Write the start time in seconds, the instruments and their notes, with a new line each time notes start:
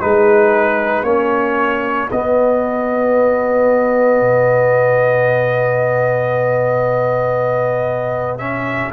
0.00 tuba G#3, trombone D#4, horn G#4, trumpet B4
1.03 tuba A#3, trombone C#4, horn F#4, trumpet C#5
2.11 tuba B3, trombone B3, trumpet D#5
4.21 tuba B2
8.38 trombone C#4, trumpet E5